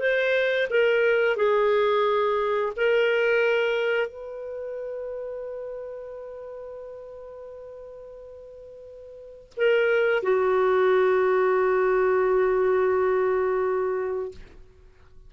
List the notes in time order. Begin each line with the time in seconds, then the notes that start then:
0.00 C5
0.71 A#4
1.37 G#4
2.77 A#4
4.08 B4
9.57 A#4
10.23 F#4